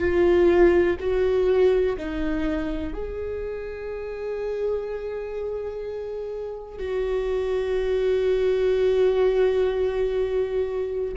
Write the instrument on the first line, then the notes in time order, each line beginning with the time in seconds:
viola
0.00 F4
1.00 F#4
1.98 D#4
2.94 G#4
6.79 F#4